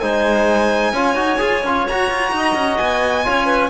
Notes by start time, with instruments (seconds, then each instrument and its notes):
0.00 cello G#3, trombone D#4, clarinet C5, violin G#5
0.93 cello C#4, trombone F4, clarinet C#5
1.15 cello D#4, trombone F#4
1.39 cello F4, trombone G#4
1.63 cello C#4, trombone F4
1.88 cello F#4, trombone F#4, violin A#5
2.10 cello F4
2.32 cello D#4, clarinet D#5
2.55 cello C#4
2.77 cello B3, violin G#5
3.24 cello C#4, trombone F4, clarinet C#5
3.46 clarinet B4